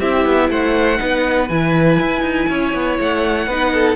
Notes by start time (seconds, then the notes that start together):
0.00 C4 E4 G4 E5
0.25 B3
0.49 A3 C5 F#5
0.98 B3 D#4 B4
1.49 E3 E4 G#5
2.00 E4
2.21 D#4
2.49 C#4 C#5
2.74 B3
2.99 A3 F#5
3.47 B3 D#4 B4
3.74 A4